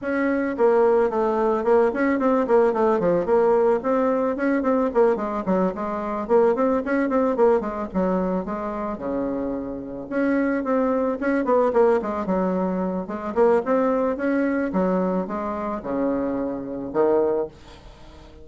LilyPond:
\new Staff \with { instrumentName = "bassoon" } { \time 4/4 \tempo 4 = 110 cis'4 ais4 a4 ais8 cis'8 | c'8 ais8 a8 f8 ais4 c'4 | cis'8 c'8 ais8 gis8 fis8 gis4 ais8 | c'8 cis'8 c'8 ais8 gis8 fis4 gis8~ |
gis8 cis2 cis'4 c'8~ | c'8 cis'8 b8 ais8 gis8 fis4. | gis8 ais8 c'4 cis'4 fis4 | gis4 cis2 dis4 | }